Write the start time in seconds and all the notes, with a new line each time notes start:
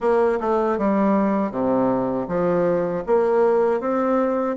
0.00 A#3
0.40 A3
0.78 G3
1.51 C3
2.28 F3
3.06 A#3
3.80 C4